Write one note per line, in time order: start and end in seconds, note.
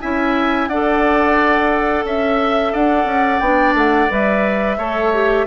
0.00 0.68 C#4
0.00 0.69 E4
0.00 0.69 E5
0.00 0.68 G#5
0.68 2.04 D4
0.68 3.43 A4
0.68 2.05 D5
0.68 2.04 F#5
2.04 2.72 C#4
2.04 2.72 E5
2.04 2.74 E5
2.72 3.05 D4
2.72 4.77 D5
2.72 3.39 F#5
3.05 3.39 C#4
3.39 3.74 B3
3.39 4.10 D4
3.39 3.73 G5
3.74 4.08 A3
3.74 4.11 F#5
4.10 4.78 G3
4.10 4.78 B4
4.10 5.47 E5
4.78 5.46 A3
4.78 5.12 A4
4.78 5.46 C#5
5.13 5.47 G4